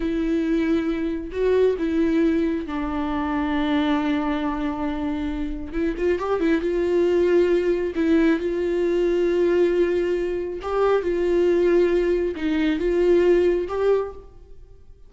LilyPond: \new Staff \with { instrumentName = "viola" } { \time 4/4 \tempo 4 = 136 e'2. fis'4 | e'2 d'2~ | d'1~ | d'4 e'8 f'8 g'8 e'8 f'4~ |
f'2 e'4 f'4~ | f'1 | g'4 f'2. | dis'4 f'2 g'4 | }